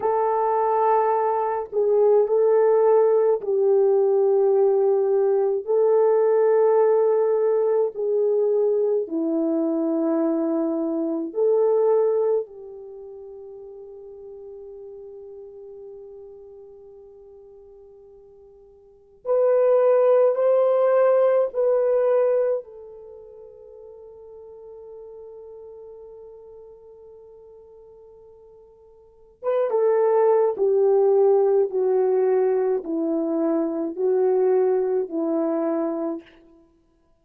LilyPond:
\new Staff \with { instrumentName = "horn" } { \time 4/4 \tempo 4 = 53 a'4. gis'8 a'4 g'4~ | g'4 a'2 gis'4 | e'2 a'4 g'4~ | g'1~ |
g'4 b'4 c''4 b'4 | a'1~ | a'2 b'16 a'8. g'4 | fis'4 e'4 fis'4 e'4 | }